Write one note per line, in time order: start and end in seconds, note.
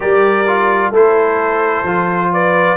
0.00 0.90 G3
0.00 0.44 G4
0.00 0.91 A#4
0.00 0.93 D5
0.47 0.93 F4
0.90 1.82 A3
0.90 1.86 E4
0.90 2.30 A4
0.90 2.33 C5
1.83 2.75 F3
1.83 2.77 F4
2.32 2.77 B4
2.32 2.77 D5